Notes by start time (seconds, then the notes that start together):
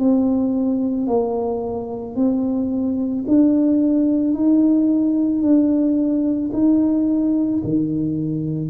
0.00 C4
1.08 A#3
2.16 C4
3.28 D4
4.35 D#4
5.42 D4
6.53 D#4
7.64 D#3